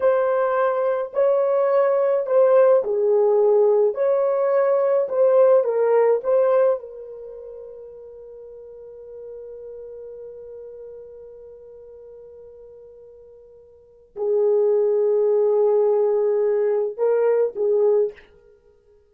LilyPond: \new Staff \with { instrumentName = "horn" } { \time 4/4 \tempo 4 = 106 c''2 cis''2 | c''4 gis'2 cis''4~ | cis''4 c''4 ais'4 c''4 | ais'1~ |
ais'1~ | ais'1~ | ais'4 gis'2.~ | gis'2 ais'4 gis'4 | }